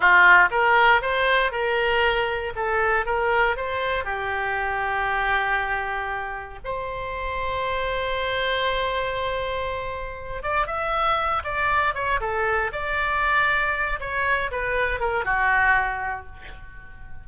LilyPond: \new Staff \with { instrumentName = "oboe" } { \time 4/4 \tempo 4 = 118 f'4 ais'4 c''4 ais'4~ | ais'4 a'4 ais'4 c''4 | g'1~ | g'4 c''2.~ |
c''1~ | c''8 d''8 e''4. d''4 cis''8 | a'4 d''2~ d''8 cis''8~ | cis''8 b'4 ais'8 fis'2 | }